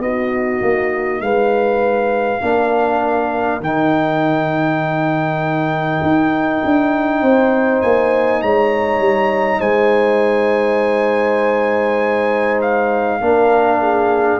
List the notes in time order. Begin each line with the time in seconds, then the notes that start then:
0.00 B3 D#4 F#4 D#5
0.61 A#3
1.21 G#3 B4 F5
2.41 A#3 D4 A#4
3.61 D#3 D#4 G5
6.03 D#4
6.65 D4
7.22 C4 C5
7.82 A#3 G#5
8.42 G#3 C#5 A#5
8.99 G3
9.60 G#3 C5 G#5
12.62 F5
13.21 A#3 D4 A#4
13.81 G#4